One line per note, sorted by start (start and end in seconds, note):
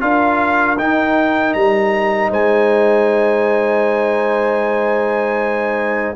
0.00 0.78 D4
0.00 0.77 F4
0.00 2.30 A#4
0.00 0.78 F5
0.78 1.54 D#4
0.78 6.16 D#4
0.78 1.53 G5
1.53 2.30 G3
1.53 2.30 A#5
2.30 6.15 G#3
2.30 6.15 C5
2.30 6.16 G#5